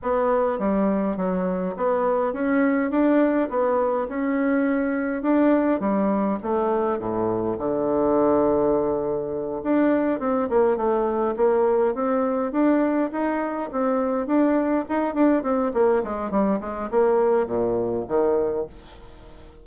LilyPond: \new Staff \with { instrumentName = "bassoon" } { \time 4/4 \tempo 4 = 103 b4 g4 fis4 b4 | cis'4 d'4 b4 cis'4~ | cis'4 d'4 g4 a4 | a,4 d2.~ |
d8 d'4 c'8 ais8 a4 ais8~ | ais8 c'4 d'4 dis'4 c'8~ | c'8 d'4 dis'8 d'8 c'8 ais8 gis8 | g8 gis8 ais4 ais,4 dis4 | }